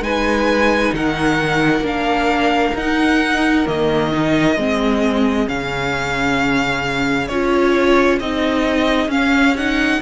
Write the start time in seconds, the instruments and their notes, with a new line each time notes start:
0.00 cello G#3, viola D#4, violin B4 G#5
0.93 cello D#3, violin A#4 F#5
1.80 cello A#3, viola D4
1.87 violin F5
2.75 cello D#4, viola D#4, violin F#5
3.66 cello D#3, viola A#3, violin D#5
4.12 viola D#4
4.57 cello G#3, viola C4, violin G#4
5.47 cello C#3, viola C#4, violin F5
7.28 cello C#4, viola F4, violin C#5
8.20 cello C4, viola D#4, violin D#5
9.07 cello C#4, viola C#4, violin F5
9.57 viola D#4, violin F#5